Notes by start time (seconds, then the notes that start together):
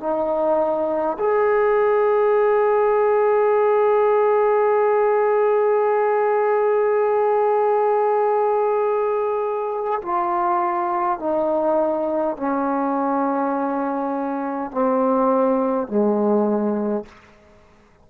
0.00 D#4
1.19 G#4
10.02 F4
11.19 D#4
12.37 C#4
14.72 C4
15.88 G#3